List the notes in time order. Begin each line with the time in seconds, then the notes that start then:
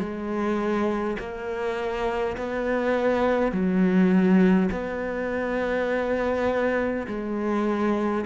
0.00 G#3
1.19 A#3
2.37 B3
3.52 F#3
4.72 B3
7.08 G#3